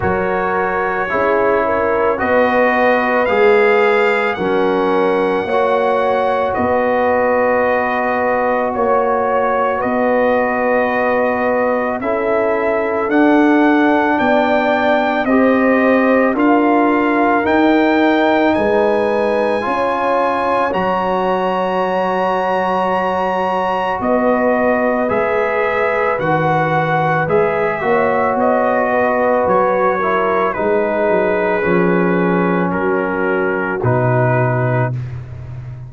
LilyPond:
<<
  \new Staff \with { instrumentName = "trumpet" } { \time 4/4 \tempo 4 = 55 cis''2 dis''4 f''4 | fis''2 dis''2 | cis''4 dis''2 e''4 | fis''4 g''4 dis''4 f''4 |
g''4 gis''2 ais''4~ | ais''2 dis''4 e''4 | fis''4 e''4 dis''4 cis''4 | b'2 ais'4 b'4 | }
  \new Staff \with { instrumentName = "horn" } { \time 4/4 ais'4 gis'8 ais'8 b'2 | ais'4 cis''4 b'2 | cis''4 b'2 a'4~ | a'4 d''4 c''4 ais'4~ |
ais'4 b'4 cis''2~ | cis''2 b'2~ | b'4. cis''4 b'4 ais'8 | gis'2 fis'2 | }
  \new Staff \with { instrumentName = "trombone" } { \time 4/4 fis'4 e'4 fis'4 gis'4 | cis'4 fis'2.~ | fis'2. e'4 | d'2 g'4 f'4 |
dis'2 f'4 fis'4~ | fis'2. gis'4 | fis'4 gis'8 fis'2 e'8 | dis'4 cis'2 dis'4 | }
  \new Staff \with { instrumentName = "tuba" } { \time 4/4 fis4 cis'4 b4 gis4 | fis4 ais4 b2 | ais4 b2 cis'4 | d'4 b4 c'4 d'4 |
dis'4 gis4 cis'4 fis4~ | fis2 b4 gis4 | dis4 gis8 ais8 b4 fis4 | gis8 fis8 f4 fis4 b,4 | }
>>